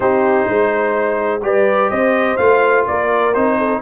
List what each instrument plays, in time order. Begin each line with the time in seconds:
0.00 tuba C4, trombone D#4, horn G4, trumpet C5
0.47 tuba G#3, horn C5
1.43 tuba G3, trombone G4, horn B4, trumpet D5
1.90 tuba C4, horn C5, trumpet D#5
2.36 tuba A3, trombone F4, trumpet F5
2.85 tuba A#3, horn A#4, trumpet D5
3.33 tuba C4, trombone D#4, trumpet C5
3.57 horn A4